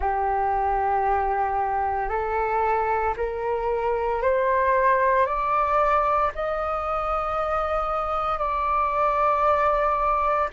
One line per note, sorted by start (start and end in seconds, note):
0.00 2.09 G4
2.09 3.14 A4
3.16 4.22 A#4
4.22 5.25 C5
5.25 6.31 D5
6.34 8.38 D#5
8.38 10.48 D5